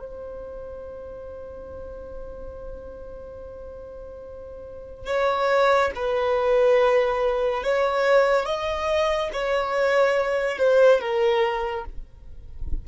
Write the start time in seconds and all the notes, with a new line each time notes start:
0.00 C5
5.07 C#5
5.95 B4
7.64 C#5
8.46 D#5
9.33 C#5
10.58 C5
11.01 A#4